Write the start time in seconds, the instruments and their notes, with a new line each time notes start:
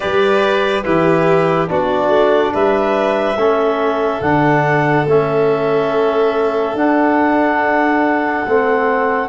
0.00 tuba G3, trombone G4, violin B4, clarinet D5
0.83 tuba E3, trombone E4, violin G4, clarinet B4
1.67 tuba B3, trombone D4, violin F#4, clarinet D5
2.08 tuba A3
2.53 tuba G3, violin B4, clarinet E5
3.36 tuba A3, trombone C#4, violin A4
4.21 tuba D3, trombone D4, clarinet F#5
5.05 tuba A3, trombone C#4, clarinet E5
6.73 tuba D4, trombone D4, clarinet F#5
8.45 tuba A3, trombone C4